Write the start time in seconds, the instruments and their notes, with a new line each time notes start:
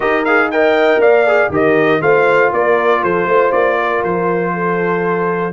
0.00 tuba D#4, trombone G4, horn A#4, trumpet D#5
0.24 trombone G#4, trumpet F5
0.51 trombone A#4, horn D#5, trumpet G5
0.97 tuba A#3, horn D5, trumpet F5
1.27 trombone G#4
1.49 tuba D#3, trombone G4, horn A#4, trumpet D#5
2.01 tuba A3, trombone F4, horn C5, trumpet F5
2.53 tuba A#3, horn A#4, trumpet D5
3.03 tuba F3, horn A4, trumpet C5
3.25 tuba A3, horn C5
3.52 tuba A#3, trumpet D5
3.80 horn A#4
4.04 tuba F3, trumpet C5
4.53 horn A4